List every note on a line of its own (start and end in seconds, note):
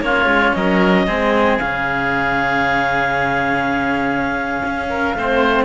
0.00 0.26 A#3
0.00 1.07 C#4
0.00 0.56 F4
0.00 0.53 C#5
0.26 0.52 G#3
0.53 1.07 F#3
0.53 1.06 A#4
0.53 1.58 D#5
1.06 1.58 G#3
1.06 1.60 C4
1.06 4.87 G#4
1.58 4.61 C#3
1.58 5.17 C#4
1.58 5.64 F5
4.65 5.14 C#4
4.89 5.16 A#4
5.14 5.64 A3
5.14 5.64 C4
5.14 5.64 C5